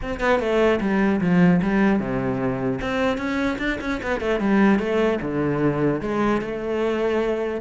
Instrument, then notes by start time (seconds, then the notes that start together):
cello
0.02 C4
0.20 B3
0.39 A3
0.80 G3
1.21 F3
1.62 G3
1.99 C3
2.81 C4
3.17 C#4
3.58 D4
3.81 C#4
4.02 B3
4.20 A3
4.40 G3
4.79 A3
5.21 D3
6.01 G#3
6.41 A3